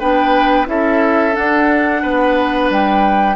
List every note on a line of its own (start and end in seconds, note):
0.00 0.68 B3
0.00 0.66 D4
0.00 0.67 B4
0.00 0.67 G5
0.66 1.35 C#4
0.66 1.33 E4
0.66 2.02 A4
0.66 1.36 E5
1.33 3.35 D4
1.33 2.03 D4
1.33 2.71 F#5
2.02 2.70 B3
2.02 3.37 B4
2.70 3.37 G3
2.70 3.37 G5